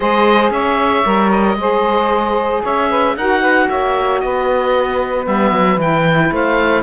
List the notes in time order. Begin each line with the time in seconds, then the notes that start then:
0.00 G#3 G#4 C5 D#5
0.50 C#4 C#5 E5
1.04 G3 A#4
1.31 D#5
1.55 G#3 G#4 C5
2.62 C#4 C#5 E5
2.89 B4
3.16 D#4 F#4 A#4 F#5
3.40 B4
3.69 A#3 C#5 E5
4.20 B3 B4 D#5
5.24 G3 B3 E5
5.51 F#3
5.77 E3 E4 G5
6.31 A3 C5 F5